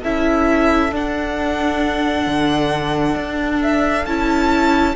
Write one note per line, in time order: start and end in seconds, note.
0.00 0.92 C#4
0.00 0.91 E4
0.00 4.93 A4
0.00 0.93 E5
0.91 4.04 D4
0.91 2.26 D4
0.91 3.62 F#5
2.26 3.15 D3
3.15 4.04 D4
3.62 4.05 E5
4.05 4.95 C#4
4.05 4.96 E4
4.05 4.95 A5